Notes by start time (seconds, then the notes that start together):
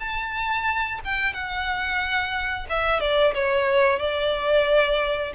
0.00 A5
1.05 G5
1.34 F#5
2.69 E5
3.01 D5
3.35 C#5
3.99 D5